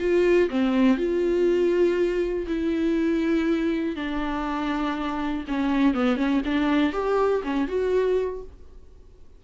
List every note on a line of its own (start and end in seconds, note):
0.00 0.50 F4
0.50 0.98 C4
0.98 2.47 F4
2.47 3.96 E4
3.96 5.45 D4
5.48 5.95 C#4
5.95 6.17 B3
6.17 6.42 C#4
6.45 6.93 D4
6.93 7.43 G4
7.44 7.68 C#4
7.68 8.43 F#4